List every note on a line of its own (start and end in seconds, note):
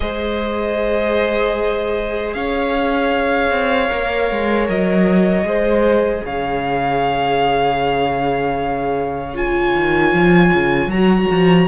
0.00 2.34 G#3
0.00 3.88 G#4
0.00 2.35 C5
0.00 2.33 D#5
2.33 3.51 C#4
2.33 5.47 C#5
2.33 4.66 F5
3.51 3.90 C4
3.88 4.30 A#3
3.88 5.44 A#4
4.30 4.68 G#3
4.68 5.43 F#3
4.68 6.25 D#5
5.43 6.21 G#3
5.43 9.34 G#4
5.43 6.25 C5
6.25 9.75 C#3
6.25 11.67 C#5
6.25 9.36 F5
9.34 10.90 F4
9.34 10.90 G#5
9.75 10.13 D#3
10.13 10.52 F3
10.53 10.87 C#3
10.87 11.25 F#3
10.87 11.67 A#5
10.93 11.67 F#4
11.31 11.67 F3